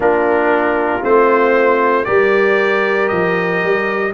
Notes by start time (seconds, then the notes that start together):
0.00 A#3 D4 F4 A#4
1.02 A3 C4 C5
2.05 G3 G4 A#4 D5
3.08 F3 D#5
3.63 G3